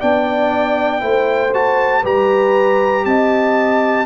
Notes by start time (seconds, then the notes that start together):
0.00 B3 D4 D5 G5
1.00 A3 E4 C5
1.54 F#4 A5
2.03 G3 G4 B4 A#5
3.06 C4 D#5 A5